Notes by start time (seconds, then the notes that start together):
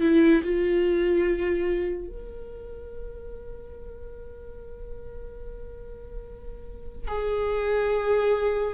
0.00 E4
0.43 F4
2.07 A#4
7.07 G#4